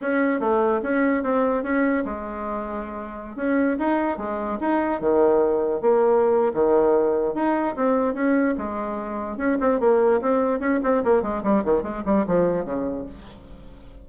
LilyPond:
\new Staff \with { instrumentName = "bassoon" } { \time 4/4 \tempo 4 = 147 cis'4 a4 cis'4 c'4 | cis'4 gis2.~ | gis16 cis'4 dis'4 gis4 dis'8.~ | dis'16 dis2 ais4.~ ais16 |
dis2 dis'4 c'4 | cis'4 gis2 cis'8 c'8 | ais4 c'4 cis'8 c'8 ais8 gis8 | g8 dis8 gis8 g8 f4 cis4 | }